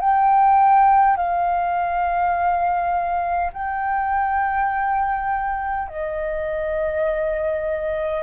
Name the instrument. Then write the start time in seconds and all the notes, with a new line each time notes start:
flute
0.00 G5
1.17 F5
3.53 G5
5.88 D#5